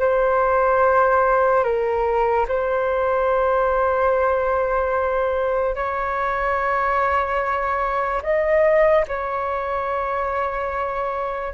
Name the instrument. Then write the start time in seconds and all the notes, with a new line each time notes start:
flute
0.00 C5
1.64 A#4
2.48 C5
5.76 C#5
8.23 D#5
9.08 C#5